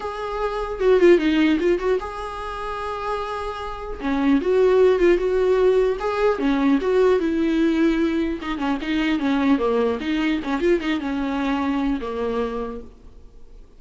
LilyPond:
\new Staff \with { instrumentName = "viola" } { \time 4/4 \tempo 4 = 150 gis'2 fis'8 f'8 dis'4 | f'8 fis'8 gis'2.~ | gis'2 cis'4 fis'4~ | fis'8 f'8 fis'2 gis'4 |
cis'4 fis'4 e'2~ | e'4 dis'8 cis'8 dis'4 cis'4 | ais4 dis'4 cis'8 f'8 dis'8 cis'8~ | cis'2 ais2 | }